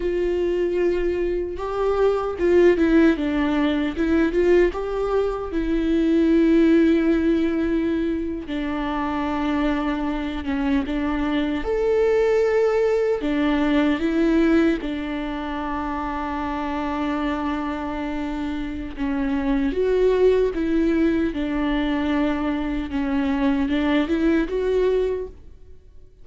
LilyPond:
\new Staff \with { instrumentName = "viola" } { \time 4/4 \tempo 4 = 76 f'2 g'4 f'8 e'8 | d'4 e'8 f'8 g'4 e'4~ | e'2~ e'8. d'4~ d'16~ | d'4~ d'16 cis'8 d'4 a'4~ a'16~ |
a'8. d'4 e'4 d'4~ d'16~ | d'1 | cis'4 fis'4 e'4 d'4~ | d'4 cis'4 d'8 e'8 fis'4 | }